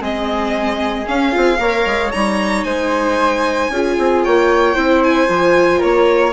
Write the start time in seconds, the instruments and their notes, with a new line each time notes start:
0.00 bassoon G#3, viola C4, flute G#4, violin D#5
1.06 viola C#4, bassoon C#4, violin F5
1.31 bassoon C4, viola F4
1.59 bassoon A#3, viola A#4, flute C#5
1.86 bassoon G#3
2.12 bassoon G3, viola D#4, violin A#5
2.64 bassoon G#3, flute C5, violin G#5
3.70 bassoon C#4, viola F4, flute G#4
3.99 bassoon C4
4.24 bassoon A#3, flute C#5, violin G5
4.75 bassoon C4, viola E4, flute C5
5.03 violin G#5
5.27 bassoon F3, viola F4
5.79 bassoon A#3, flute A#4, violin C#5